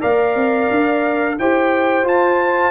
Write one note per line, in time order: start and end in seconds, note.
0.00 0.35 A#3
0.00 1.36 A#4
0.00 1.37 D5
0.00 1.38 F5
0.35 0.69 C4
0.70 1.38 D4
1.38 2.03 E4
1.38 2.04 G4
1.38 2.70 C5
1.38 2.06 G5
2.03 2.70 F4
2.03 2.70 A5